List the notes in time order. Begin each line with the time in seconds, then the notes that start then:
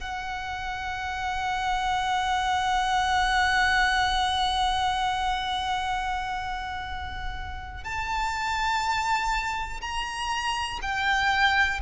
0.00 F#5
7.84 A5
9.81 A#5
10.82 G5